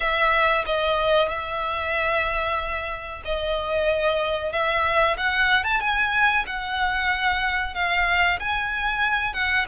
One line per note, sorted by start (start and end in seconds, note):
0.00 0.64 E5
0.66 1.28 D#5
1.28 3.22 E5
3.24 4.52 D#5
4.52 5.16 E5
5.17 5.64 F#5
5.64 5.80 A5
5.80 6.45 G#5
6.46 7.74 F#5
7.74 8.39 F5
8.39 9.33 G#5
9.33 9.66 F#5